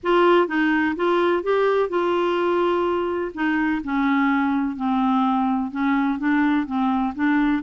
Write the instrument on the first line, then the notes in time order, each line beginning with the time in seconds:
clarinet
0.03 F4
0.47 D#4
0.96 F4
1.43 G4
1.89 F4
3.34 D#4
3.84 C#4
4.76 C4
5.71 C#4
6.18 D4
6.66 C4
7.15 D4